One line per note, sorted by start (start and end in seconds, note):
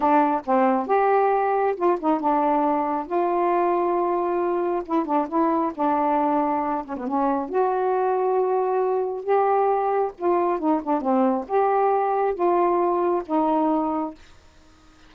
0.00 0.41 D4
0.45 0.86 C4
0.86 1.75 G4
1.76 1.98 F4
2.00 2.20 D#4
2.20 3.06 D4
3.06 4.82 F4
4.85 5.05 E4
5.05 5.27 D4
5.28 5.72 E4
5.74 6.85 D4
6.85 6.96 C#4
6.96 7.07 B3
7.07 7.49 C#4
7.49 9.23 F#4
9.23 10.11 G4
10.18 10.59 F4
10.59 10.81 D#4
10.83 11.01 D4
11.01 11.45 C4
11.48 12.34 G4
12.34 13.22 F4
13.26 14.14 D#4